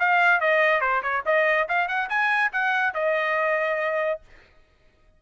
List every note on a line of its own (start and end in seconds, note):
0.00 0.41 F5
0.41 0.81 D#5
0.81 1.02 C5
1.03 1.24 C#5
1.26 1.68 D#5
1.69 1.88 F5
1.88 2.09 F#5
2.10 2.52 G#5
2.53 2.94 F#5
2.94 4.21 D#5